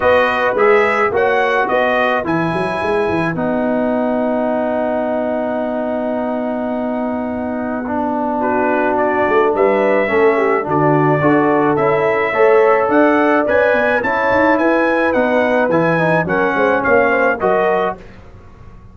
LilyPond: <<
  \new Staff \with { instrumentName = "trumpet" } { \time 4/4 \tempo 4 = 107 dis''4 e''4 fis''4 dis''4 | gis''2 fis''2~ | fis''1~ | fis''2. b'4 |
d''4 e''2 d''4~ | d''4 e''2 fis''4 | gis''4 a''4 gis''4 fis''4 | gis''4 fis''4 f''4 dis''4 | }
  \new Staff \with { instrumentName = "horn" } { \time 4/4 b'2 cis''4 b'4~ | b'1~ | b'1~ | b'2. fis'4~ |
fis'4 b'4 a'8 g'8 fis'4 | a'2 cis''4 d''4~ | d''4 cis''4 b'2~ | b'4 ais'8 c''8 cis''8 c''8 ais'4 | }
  \new Staff \with { instrumentName = "trombone" } { \time 4/4 fis'4 gis'4 fis'2 | e'2 dis'2~ | dis'1~ | dis'2 d'2~ |
d'2 cis'4 d'4 | fis'4 e'4 a'2 | b'4 e'2 dis'4 | e'8 dis'8 cis'2 fis'4 | }
  \new Staff \with { instrumentName = "tuba" } { \time 4/4 b4 gis4 ais4 b4 | e8 fis8 gis8 e8 b2~ | b1~ | b1~ |
b8 a8 g4 a4 d4 | d'4 cis'4 a4 d'4 | cis'8 b8 cis'8 dis'8 e'4 b4 | e4 fis8 gis8 ais4 fis4 | }
>>